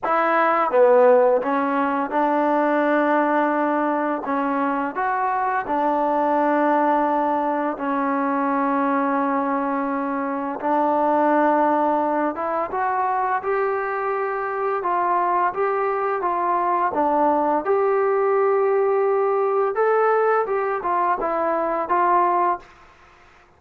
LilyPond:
\new Staff \with { instrumentName = "trombone" } { \time 4/4 \tempo 4 = 85 e'4 b4 cis'4 d'4~ | d'2 cis'4 fis'4 | d'2. cis'4~ | cis'2. d'4~ |
d'4. e'8 fis'4 g'4~ | g'4 f'4 g'4 f'4 | d'4 g'2. | a'4 g'8 f'8 e'4 f'4 | }